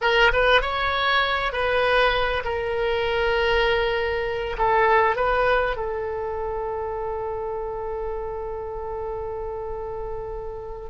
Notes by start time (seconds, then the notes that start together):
0.01 A#4
0.33 B4
0.61 C#5
1.52 B4
2.44 A#4
4.58 A4
5.16 B4
5.76 A4